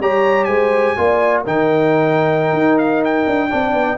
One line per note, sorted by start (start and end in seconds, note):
0.00 0.48 G3
0.00 0.97 G4
0.00 0.48 C#5
0.00 0.45 A#5
0.45 0.96 G#3
0.45 0.96 C5
0.45 1.42 G#5
0.97 1.46 A#3
0.97 1.46 F4
0.97 1.44 D5
1.44 2.53 D#3
1.44 3.50 D#4
1.44 3.50 A#4
1.44 2.79 G5
2.53 3.26 D#4
2.79 3.03 F5
3.05 3.98 G5
3.27 3.51 D4
3.50 3.74 C4
3.50 3.98 D4
3.50 3.98 D5
3.74 3.98 B3